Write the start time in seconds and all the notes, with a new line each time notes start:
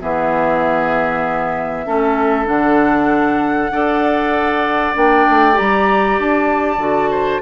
0.00 E3 B3 G#4 E5
1.86 A3 C#4 A4
2.45 D3 D4 F#5
3.71 D4 A4 D5
4.95 A#3 D4 G5
5.29 A3
5.53 G4 A#5
5.59 G3
6.18 D4 A5
6.77 D3 F#4
7.11 C5